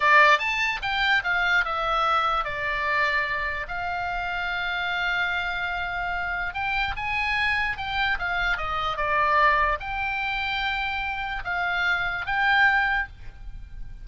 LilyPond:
\new Staff \with { instrumentName = "oboe" } { \time 4/4 \tempo 4 = 147 d''4 a''4 g''4 f''4 | e''2 d''2~ | d''4 f''2.~ | f''1 |
g''4 gis''2 g''4 | f''4 dis''4 d''2 | g''1 | f''2 g''2 | }